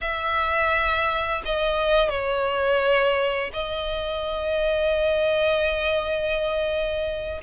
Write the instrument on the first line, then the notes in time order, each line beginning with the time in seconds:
violin
0.01 E5
1.45 D#5
2.09 C#5
3.53 D#5